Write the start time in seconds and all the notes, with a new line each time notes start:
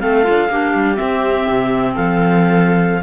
0.00 A3 C4 A4 F5
0.24 D4 F4
0.50 A#3 D4 G4
0.75 G3
0.96 C4 E5
1.49 C3
1.95 F3 A4 F5